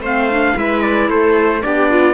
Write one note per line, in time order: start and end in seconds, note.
0.00 0.54 A3
0.00 0.30 C4
0.00 0.56 C5
0.00 0.58 F5
0.30 0.55 D4
0.55 1.09 G#3
0.55 1.61 E4
0.55 1.09 B4
0.55 0.82 E5
0.82 1.09 D5
1.09 1.63 A3
1.09 1.63 A4
1.09 1.62 C5
1.61 2.13 B3
1.61 2.13 D4
1.61 1.91 G4
1.61 2.13 D5
1.91 2.13 F4